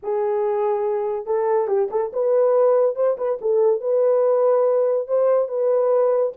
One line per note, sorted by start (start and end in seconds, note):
0.02 1.26 G#4
1.26 1.67 A4
1.67 1.88 G4
1.90 2.11 A4
2.12 2.95 B4
2.95 3.17 C5
3.17 3.38 B4
3.41 3.80 A4
3.80 5.07 B4
5.07 5.48 C5
5.48 6.32 B4